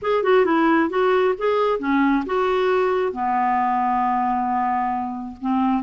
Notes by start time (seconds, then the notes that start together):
0.02 G#4
0.23 F#4
0.45 E4
0.89 F#4
1.38 G#4
1.79 C#4
2.26 F#4
3.12 B3
5.41 C4